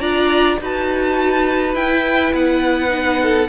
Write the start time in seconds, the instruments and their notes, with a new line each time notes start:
0.00 cello D4, viola F4, violin D5 A#5
0.60 cello D#4, viola F#4, violin B4 A5
1.74 cello E4, viola E4, violin G5
2.32 cello B3, violin F#5
2.88 viola D#4
3.22 violin A4